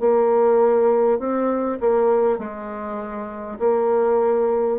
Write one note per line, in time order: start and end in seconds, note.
0.00 1.19 A#3
1.19 1.79 C4
1.81 2.38 A#3
2.38 3.58 G#3
3.59 4.79 A#3